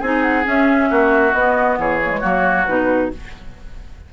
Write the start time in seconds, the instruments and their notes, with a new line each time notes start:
0.00 bassoon C4, clarinet D#4, oboe G#4, flute G#5
0.22 flute F#5
0.44 clarinet C#4, bassoon C#4, flute E5
0.90 bassoon A#3, oboe F#4
1.33 bassoon B3, clarinet B3, flute D#5
1.78 bassoon E3, oboe G#4, flute C#5
2.05 clarinet G#3 A#3
2.21 bassoon F#3, clarinet A#3, oboe F#4
2.66 bassoon B2, clarinet D#4, flute B4